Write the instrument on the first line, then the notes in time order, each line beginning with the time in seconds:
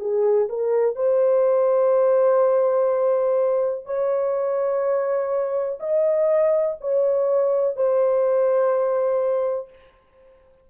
horn
0.00 G#4
0.49 A#4
0.96 C5
3.86 C#5
5.80 D#5
6.81 C#5
7.76 C5